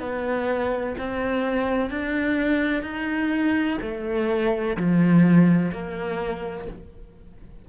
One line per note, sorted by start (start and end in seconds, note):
0.00 0.95 B3
0.98 1.90 C4
1.90 2.83 D4
2.83 3.78 D#4
3.81 4.77 A3
4.77 5.72 F3
5.72 6.67 A#3